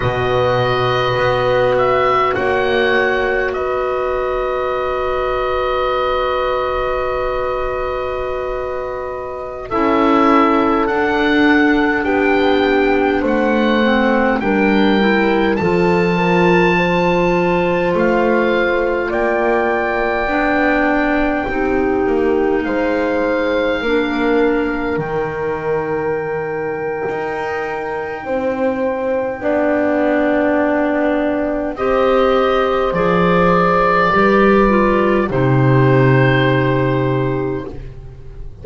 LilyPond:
<<
  \new Staff \with { instrumentName = "oboe" } { \time 4/4 \tempo 4 = 51 dis''4. e''8 fis''4 dis''4~ | dis''1~ | dis''16 e''4 fis''4 g''4 fis''8.~ | fis''16 g''4 a''2 f''8.~ |
f''16 g''2. f''8.~ | f''4~ f''16 g''2~ g''8.~ | g''2. dis''4 | d''2 c''2 | }
  \new Staff \with { instrumentName = "horn" } { \time 4/4 b'2 cis''4 b'4~ | b'1~ | b'16 a'2 g'4 c''8.~ | c''16 ais'4 a'8 ais'8 c''4.~ c''16~ |
c''16 d''2 g'4 c''8.~ | c''16 ais'2.~ ais'8. | c''4 d''2 c''4~ | c''4 b'4 g'2 | }
  \new Staff \with { instrumentName = "clarinet" } { \time 4/4 fis'1~ | fis'1~ | fis'16 e'4 d'2~ d'8 c'16~ | c'16 d'8 e'8 f'2~ f'8.~ |
f'4~ f'16 d'4 dis'4.~ dis'16~ | dis'16 d'4 dis'2~ dis'8.~ | dis'4 d'2 g'4 | gis'4 g'8 f'8 dis'2 | }
  \new Staff \with { instrumentName = "double bass" } { \time 4/4 b,4 b4 ais4 b4~ | b1~ | b16 cis'4 d'4 b4 a8.~ | a16 g4 f2 a8.~ |
a16 ais4 b4 c'8 ais8 gis8.~ | gis16 ais4 dis4.~ dis16 dis'4 | c'4 b2 c'4 | f4 g4 c2 | }
>>